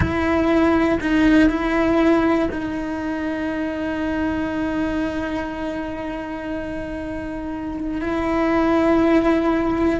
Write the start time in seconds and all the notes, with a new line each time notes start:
0.00 E4
1.00 D#4
1.49 E4
2.51 D#4
8.01 E4